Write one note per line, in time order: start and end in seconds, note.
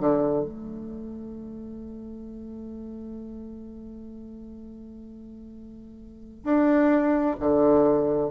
0.00 0.44 D3
0.44 6.44 A3
6.44 7.36 D4
7.40 8.31 D3